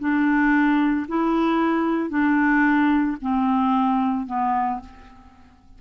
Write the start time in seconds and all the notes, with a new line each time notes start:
0.00 D4
1.09 E4
2.10 D4
3.22 C4
4.27 B3